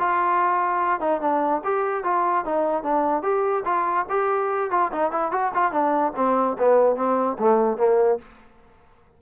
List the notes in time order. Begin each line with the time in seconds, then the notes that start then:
0.00 F4
1.01 D#4
1.21 D4
1.64 G4
2.04 F4
2.45 D#4
2.83 D4
3.23 G4
3.65 F4
4.10 G4
4.71 F4
4.93 D#4
5.12 E4
5.32 F#4
5.54 F4
5.72 D4
6.16 C4
6.59 B3
6.96 C4
7.39 A3
7.78 A#3